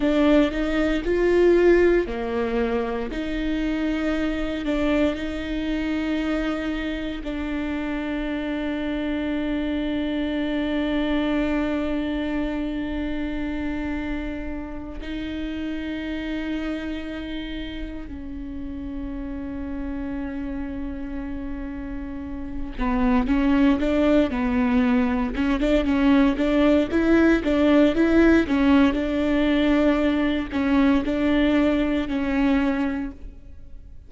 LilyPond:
\new Staff \with { instrumentName = "viola" } { \time 4/4 \tempo 4 = 58 d'8 dis'8 f'4 ais4 dis'4~ | dis'8 d'8 dis'2 d'4~ | d'1~ | d'2~ d'8 dis'4.~ |
dis'4. cis'2~ cis'8~ | cis'2 b8 cis'8 d'8 b8~ | b8 cis'16 d'16 cis'8 d'8 e'8 d'8 e'8 cis'8 | d'4. cis'8 d'4 cis'4 | }